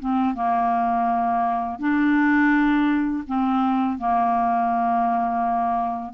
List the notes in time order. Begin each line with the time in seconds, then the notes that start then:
0.00 C4
0.35 A#3
1.79 D4
3.27 C4
3.98 A#3